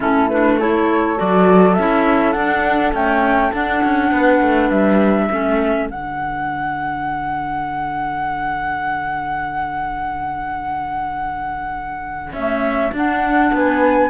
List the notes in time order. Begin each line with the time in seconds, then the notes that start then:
0.00 A3 C#4 E4 A4
0.29 D4 B4
0.58 E4 A4 C#5
1.17 F#3 F#4 D5
1.74 C#4 E4 E5
2.32 D4 F#5
2.93 A3 C#4 G5
3.53 D4 F#5
3.83 C#4
4.11 B3 B4
4.41 A3
4.70 G3 E5
5.26 A3 C#4 A4
5.89 D3 D4 F#5
12.32 A3 C#4 E5
12.92 D4 F#5
13.52 B3 B4 G#5